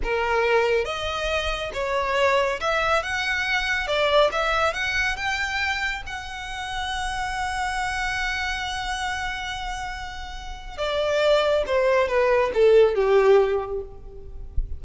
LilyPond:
\new Staff \with { instrumentName = "violin" } { \time 4/4 \tempo 4 = 139 ais'2 dis''2 | cis''2 e''4 fis''4~ | fis''4 d''4 e''4 fis''4 | g''2 fis''2~ |
fis''1~ | fis''1~ | fis''4 d''2 c''4 | b'4 a'4 g'2 | }